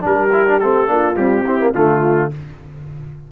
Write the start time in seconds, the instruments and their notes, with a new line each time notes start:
0.00 tuba G3, trombone D4, trumpet A#4
0.06 horn G4
0.32 trombone E4
0.46 trombone D4
0.59 tuba A3, trombone C4, trumpet A4
0.87 tuba A#3, trombone D4, horn F4
1.16 trombone G3, tuba C4, trumpet G4
1.44 trombone C4, horn E4
1.59 trombone A#3
1.73 tuba D3, trombone A3, horn F4, trumpet F4